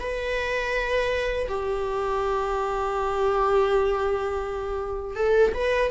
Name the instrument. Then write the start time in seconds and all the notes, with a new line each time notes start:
viola
0.00 B4
1.48 G4
5.16 A4
5.54 B4